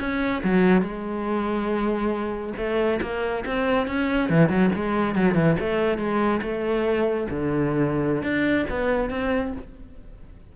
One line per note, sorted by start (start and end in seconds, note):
0.00 0.43 C#4
0.44 0.82 F#3
0.82 2.53 G#3
2.58 3.01 A3
3.02 3.45 A#3
3.46 3.87 C4
3.87 4.30 C#4
4.30 4.49 E3
4.49 4.71 F#3
4.76 5.16 G#3
5.16 5.35 F#3
5.35 5.56 E3
5.60 5.98 A3
5.98 6.41 G#3
6.42 7.28 A3
7.31 8.23 D3
8.23 8.66 D4
8.70 9.10 B3
9.10 9.53 C4